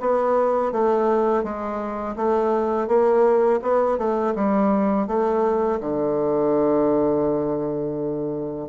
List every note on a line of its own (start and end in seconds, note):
0.00 0.72 B3
0.72 1.44 A3
1.44 2.16 G#3
2.16 2.88 A3
2.88 3.60 A#3
3.62 3.98 B3
3.98 4.34 A3
4.35 5.07 G3
5.07 5.80 A3
5.81 8.69 D3